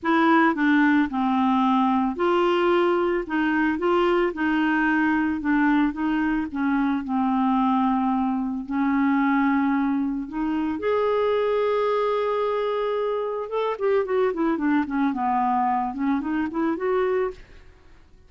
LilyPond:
\new Staff \with { instrumentName = "clarinet" } { \time 4/4 \tempo 4 = 111 e'4 d'4 c'2 | f'2 dis'4 f'4 | dis'2 d'4 dis'4 | cis'4 c'2. |
cis'2. dis'4 | gis'1~ | gis'4 a'8 g'8 fis'8 e'8 d'8 cis'8 | b4. cis'8 dis'8 e'8 fis'4 | }